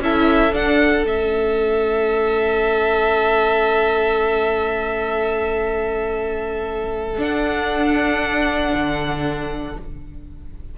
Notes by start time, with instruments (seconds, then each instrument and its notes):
0.00 cello C#4, viola E4, violin A4 E5
0.52 viola D4, cello D4, violin F#5
1.03 cello A3, viola C#4, violin E5
7.18 cello D4, viola D4, violin F#5
8.74 cello D3